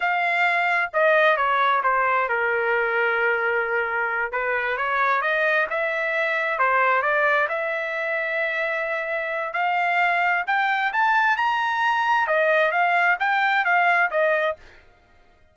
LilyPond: \new Staff \with { instrumentName = "trumpet" } { \time 4/4 \tempo 4 = 132 f''2 dis''4 cis''4 | c''4 ais'2.~ | ais'4. b'4 cis''4 dis''8~ | dis''8 e''2 c''4 d''8~ |
d''8 e''2.~ e''8~ | e''4 f''2 g''4 | a''4 ais''2 dis''4 | f''4 g''4 f''4 dis''4 | }